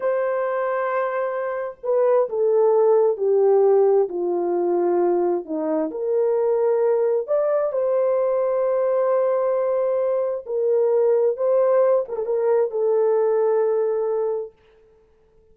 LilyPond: \new Staff \with { instrumentName = "horn" } { \time 4/4 \tempo 4 = 132 c''1 | b'4 a'2 g'4~ | g'4 f'2. | dis'4 ais'2. |
d''4 c''2.~ | c''2. ais'4~ | ais'4 c''4. ais'16 a'16 ais'4 | a'1 | }